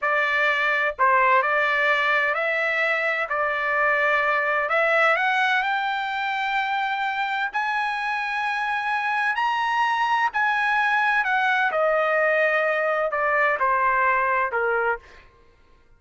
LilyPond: \new Staff \with { instrumentName = "trumpet" } { \time 4/4 \tempo 4 = 128 d''2 c''4 d''4~ | d''4 e''2 d''4~ | d''2 e''4 fis''4 | g''1 |
gis''1 | ais''2 gis''2 | fis''4 dis''2. | d''4 c''2 ais'4 | }